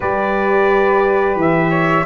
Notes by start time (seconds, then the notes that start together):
0.00 G3 G4 B4 D5
1.35 E3 E5
1.70 C#5